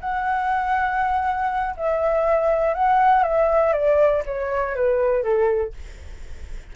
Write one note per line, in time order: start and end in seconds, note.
0.00 1.75 F#5
1.77 2.74 E5
2.74 3.23 F#5
3.23 3.72 E5
3.72 4.22 D5
4.25 4.75 C#5
4.75 5.23 B4
5.23 5.73 A4